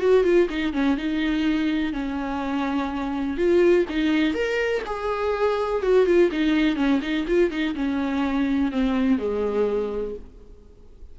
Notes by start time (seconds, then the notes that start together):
0.00 F#4
0.24 F4
0.49 D#4
0.73 C#4
0.97 D#4
1.93 C#4
3.37 F4
3.89 D#4
4.34 A#4
4.86 G#4
5.82 F#4
6.06 F4
6.31 D#4
6.76 C#4
7.02 D#4
7.28 F4
7.50 D#4
7.75 C#4
8.71 C4
9.18 G#3